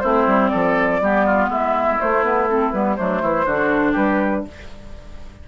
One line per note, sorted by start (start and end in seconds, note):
0.00 0.26 A3
0.00 1.01 C4
0.00 0.51 E4
0.00 0.48 C5
0.26 0.51 G3
0.48 1.01 F3
0.48 1.00 A4
0.48 1.46 D5
1.01 1.48 G3
1.01 1.99 B3
1.01 1.26 G4
1.26 1.49 F4
1.48 1.98 G#3
1.48 2.97 E4
1.48 2.00 E5
1.99 2.23 A3
1.99 2.73 A3
1.99 2.23 C5
2.23 2.48 B3
2.23 2.48 B4
2.48 2.72 C4
2.48 2.71 A4
2.71 2.98 G3
2.71 2.96 B3
2.71 2.95 B4
2.96 3.22 F#3
2.96 3.45 A3
2.96 3.22 D4
2.96 3.94 C5
3.22 3.45 E3
3.22 3.45 E4
3.45 3.95 D3
3.45 4.48 D4
3.45 3.92 F#4
3.92 4.44 G3
3.92 4.41 G4
3.92 4.44 B4